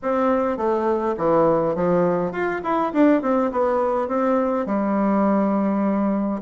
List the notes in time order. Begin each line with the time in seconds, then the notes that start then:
0.02 C4
0.57 A3
1.17 E3
1.75 F3
2.31 F4
2.63 E4
2.93 D4
3.22 C4
3.51 B3
4.08 C4
4.65 G3